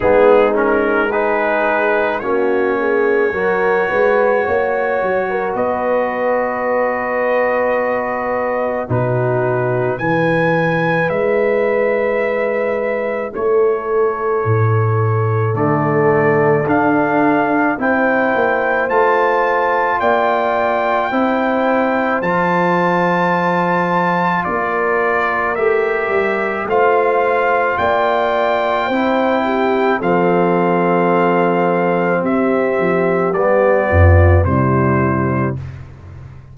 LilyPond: <<
  \new Staff \with { instrumentName = "trumpet" } { \time 4/4 \tempo 4 = 54 gis'8 ais'8 b'4 cis''2~ | cis''4 dis''2. | b'4 gis''4 e''2 | cis''2 d''4 f''4 |
g''4 a''4 g''2 | a''2 d''4 e''4 | f''4 g''2 f''4~ | f''4 e''4 d''4 c''4 | }
  \new Staff \with { instrumentName = "horn" } { \time 4/4 dis'4 gis'4 fis'8 gis'8 ais'8 b'8 | cis''8. ais'16 b'2. | fis'4 b'2. | a'1 |
c''2 d''4 c''4~ | c''2 ais'2 | c''4 d''4 c''8 g'8 a'4~ | a'4 g'4. f'8 e'4 | }
  \new Staff \with { instrumentName = "trombone" } { \time 4/4 b8 cis'8 dis'4 cis'4 fis'4~ | fis'1 | dis'4 e'2.~ | e'2 a4 d'4 |
e'4 f'2 e'4 | f'2. g'4 | f'2 e'4 c'4~ | c'2 b4 g4 | }
  \new Staff \with { instrumentName = "tuba" } { \time 4/4 gis2 ais4 fis8 gis8 | ais8 fis8 b2. | b,4 e4 gis2 | a4 a,4 d4 d'4 |
c'8 ais8 a4 ais4 c'4 | f2 ais4 a8 g8 | a4 ais4 c'4 f4~ | f4 c'8 f8 g8 f,8 c4 | }
>>